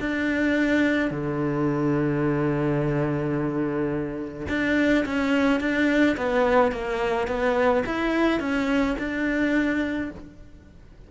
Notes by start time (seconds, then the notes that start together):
0.00 D4
1.11 D3
4.49 D4
5.06 C#4
5.60 D4
6.17 B3
6.72 A#3
7.28 B3
7.86 E4
8.40 C#4
8.99 D4